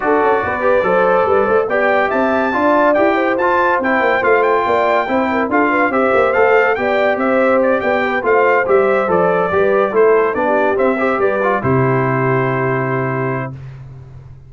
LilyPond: <<
  \new Staff \with { instrumentName = "trumpet" } { \time 4/4 \tempo 4 = 142 d''1 | g''4 a''2 g''4 | a''4 g''4 f''8 g''4.~ | g''4 f''4 e''4 f''4 |
g''4 e''4 d''8 g''4 f''8~ | f''8 e''4 d''2 c''8~ | c''8 d''4 e''4 d''4 c''8~ | c''1 | }
  \new Staff \with { instrumentName = "horn" } { \time 4/4 a'4 b'4 c''4 b'8 c''8 | d''4 e''4 d''4. c''8~ | c''2. d''4 | c''8 ais'8 a'8 b'8 c''2 |
d''4 c''4. d''8 b'8 c''8~ | c''2~ c''8 b'4 a'8~ | a'8. g'4~ g'16 c''8 b'4 g'8~ | g'1 | }
  \new Staff \with { instrumentName = "trombone" } { \time 4/4 fis'4. g'8 a'2 | g'2 f'4 g'4 | f'4 e'4 f'2 | e'4 f'4 g'4 a'4 |
g'2.~ g'8 f'8~ | f'8 g'4 a'4 g'4 e'8~ | e'8 d'4 c'8 g'4 f'8 e'8~ | e'1 | }
  \new Staff \with { instrumentName = "tuba" } { \time 4/4 d'8 cis'8 b4 fis4 g8 a8 | b4 c'4 d'4 e'4 | f'4 c'8 ais8 a4 ais4 | c'4 d'4 c'8 ais8 a4 |
b4 c'4. b4 a8~ | a8 g4 f4 g4 a8~ | a8 b4 c'4 g4 c8~ | c1 | }
>>